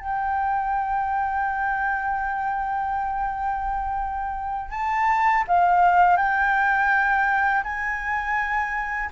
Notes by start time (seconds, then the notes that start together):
0.00 G5
4.71 A5
5.48 F5
6.17 G5
7.64 G#5